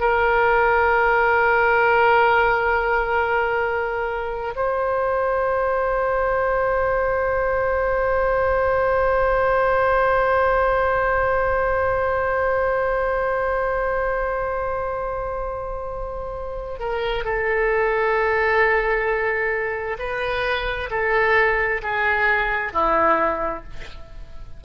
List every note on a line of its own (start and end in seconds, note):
0.00 4.55 A#4
4.56 16.79 C5
16.79 17.24 A#4
17.24 19.97 A4
19.99 20.90 B4
20.91 21.82 A4
21.82 22.73 G#4
22.73 23.64 E4